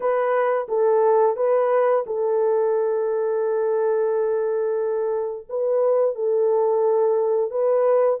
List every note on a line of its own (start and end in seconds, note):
0.00 0.67 B4
0.68 1.36 A4
1.36 2.04 B4
2.06 5.47 A4
5.49 6.15 B4
6.15 7.51 A4
7.51 8.19 B4